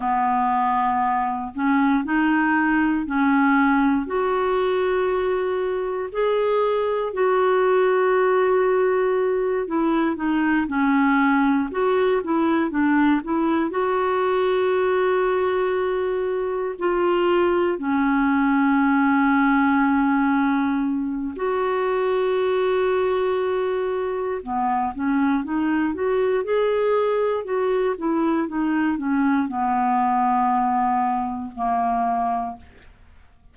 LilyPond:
\new Staff \with { instrumentName = "clarinet" } { \time 4/4 \tempo 4 = 59 b4. cis'8 dis'4 cis'4 | fis'2 gis'4 fis'4~ | fis'4. e'8 dis'8 cis'4 fis'8 | e'8 d'8 e'8 fis'2~ fis'8~ |
fis'8 f'4 cis'2~ cis'8~ | cis'4 fis'2. | b8 cis'8 dis'8 fis'8 gis'4 fis'8 e'8 | dis'8 cis'8 b2 ais4 | }